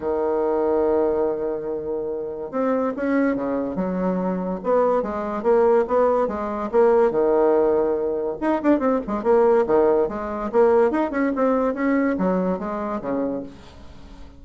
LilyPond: \new Staff \with { instrumentName = "bassoon" } { \time 4/4 \tempo 4 = 143 dis1~ | dis2 c'4 cis'4 | cis4 fis2 b4 | gis4 ais4 b4 gis4 |
ais4 dis2. | dis'8 d'8 c'8 gis8 ais4 dis4 | gis4 ais4 dis'8 cis'8 c'4 | cis'4 fis4 gis4 cis4 | }